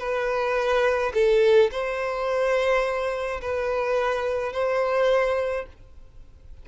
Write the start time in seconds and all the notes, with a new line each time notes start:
0.00 B4
1.15 A4
1.71 C5
3.42 B4
4.53 C5